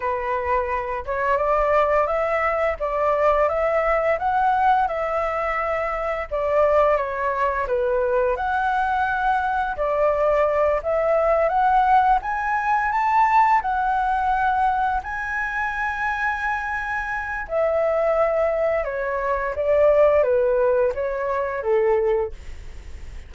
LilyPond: \new Staff \with { instrumentName = "flute" } { \time 4/4 \tempo 4 = 86 b'4. cis''8 d''4 e''4 | d''4 e''4 fis''4 e''4~ | e''4 d''4 cis''4 b'4 | fis''2 d''4. e''8~ |
e''8 fis''4 gis''4 a''4 fis''8~ | fis''4. gis''2~ gis''8~ | gis''4 e''2 cis''4 | d''4 b'4 cis''4 a'4 | }